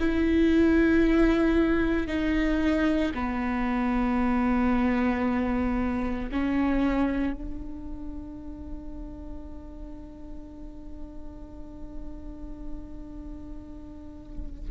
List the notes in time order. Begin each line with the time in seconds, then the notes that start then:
0.00 E4
2.08 D#4
3.15 B3
6.32 C#4
7.34 D4